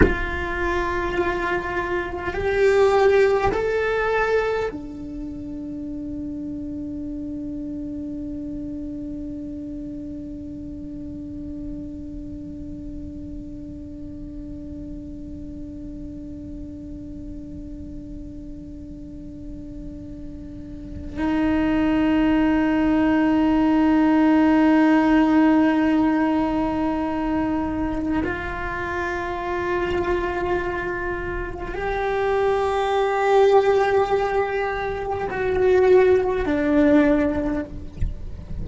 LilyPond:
\new Staff \with { instrumentName = "cello" } { \time 4/4 \tempo 4 = 51 f'2 g'4 a'4 | d'1~ | d'1~ | d'1~ |
d'2 dis'2~ | dis'1 | f'2. g'4~ | g'2 fis'4 d'4 | }